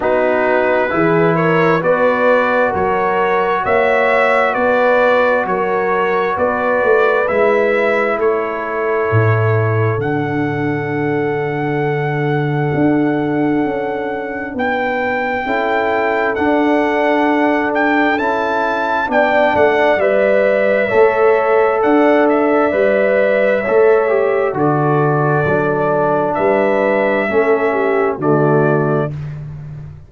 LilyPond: <<
  \new Staff \with { instrumentName = "trumpet" } { \time 4/4 \tempo 4 = 66 b'4. cis''8 d''4 cis''4 | e''4 d''4 cis''4 d''4 | e''4 cis''2 fis''4~ | fis''1 |
g''2 fis''4. g''8 | a''4 g''8 fis''8 e''2 | fis''8 e''2~ e''8 d''4~ | d''4 e''2 d''4 | }
  \new Staff \with { instrumentName = "horn" } { \time 4/4 fis'4 gis'8 ais'8 b'4 ais'4 | cis''4 b'4 ais'4 b'4~ | b'4 a'2.~ | a'1 |
b'4 a'2.~ | a'4 d''2 cis''4 | d''2 cis''4 a'4~ | a'4 b'4 a'8 g'8 fis'4 | }
  \new Staff \with { instrumentName = "trombone" } { \time 4/4 dis'4 e'4 fis'2~ | fis'1 | e'2. d'4~ | d'1~ |
d'4 e'4 d'2 | e'4 d'4 b'4 a'4~ | a'4 b'4 a'8 g'8 fis'4 | d'2 cis'4 a4 | }
  \new Staff \with { instrumentName = "tuba" } { \time 4/4 b4 e4 b4 fis4 | ais4 b4 fis4 b8 a8 | gis4 a4 a,4 d4~ | d2 d'4 cis'4 |
b4 cis'4 d'2 | cis'4 b8 a8 g4 a4 | d'4 g4 a4 d4 | fis4 g4 a4 d4 | }
>>